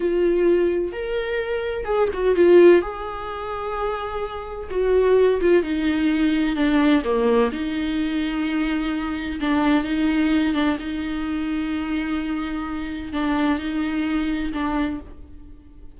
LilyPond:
\new Staff \with { instrumentName = "viola" } { \time 4/4 \tempo 4 = 128 f'2 ais'2 | gis'8 fis'8 f'4 gis'2~ | gis'2 fis'4. f'8 | dis'2 d'4 ais4 |
dis'1 | d'4 dis'4. d'8 dis'4~ | dis'1 | d'4 dis'2 d'4 | }